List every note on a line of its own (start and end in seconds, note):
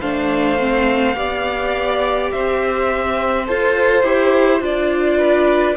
0.00 1.15 A3
0.00 0.58 D4
0.00 1.15 C5
0.00 2.31 F5
0.58 1.15 C4
1.15 2.31 B3
1.15 3.45 G4
1.15 2.32 D5
2.31 3.48 C4
2.31 5.18 C5
2.31 3.47 E5
3.47 4.04 F4
3.47 4.03 A4
3.47 4.63 C5
4.03 4.61 E4
4.03 4.60 G4
4.60 5.76 D4
4.60 5.76 F4
4.60 5.76 D5
5.18 5.75 B4